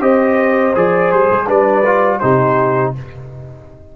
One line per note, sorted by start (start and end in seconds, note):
0.00 0.73 C4
0.00 0.74 G4
0.00 1.47 C5
0.00 0.75 D#5
0.75 1.12 F3
0.75 1.47 G#4
0.75 1.12 D5
1.12 1.31 G3
1.12 1.48 C5
1.31 1.48 G#3
1.47 2.21 G3
1.47 1.84 D4
1.47 2.20 B4
1.47 2.19 D5
1.85 2.22 F4
2.19 2.96 C3
2.19 2.95 D#4
2.19 2.94 G4
2.19 2.92 C5